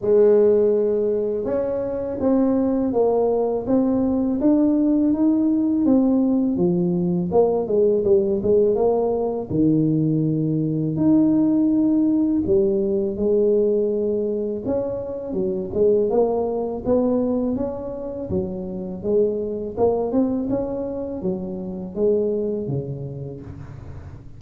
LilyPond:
\new Staff \with { instrumentName = "tuba" } { \time 4/4 \tempo 4 = 82 gis2 cis'4 c'4 | ais4 c'4 d'4 dis'4 | c'4 f4 ais8 gis8 g8 gis8 | ais4 dis2 dis'4~ |
dis'4 g4 gis2 | cis'4 fis8 gis8 ais4 b4 | cis'4 fis4 gis4 ais8 c'8 | cis'4 fis4 gis4 cis4 | }